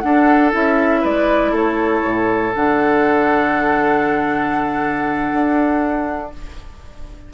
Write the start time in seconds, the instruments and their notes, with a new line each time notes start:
0.00 bassoon D4, clarinet D4, oboe A4, flute F#5
0.52 bassoon C#4, clarinet E4, flute E5
1.01 bassoon G#3, oboe B4, flute D5
1.52 bassoon A3, oboe A4, flute C#5
2.04 bassoon A2
2.55 bassoon D3, clarinet D4, flute F#5
5.33 bassoon D4